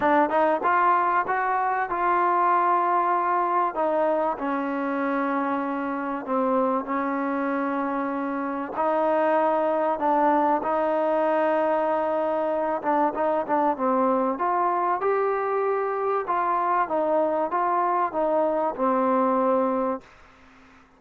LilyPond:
\new Staff \with { instrumentName = "trombone" } { \time 4/4 \tempo 4 = 96 d'8 dis'8 f'4 fis'4 f'4~ | f'2 dis'4 cis'4~ | cis'2 c'4 cis'4~ | cis'2 dis'2 |
d'4 dis'2.~ | dis'8 d'8 dis'8 d'8 c'4 f'4 | g'2 f'4 dis'4 | f'4 dis'4 c'2 | }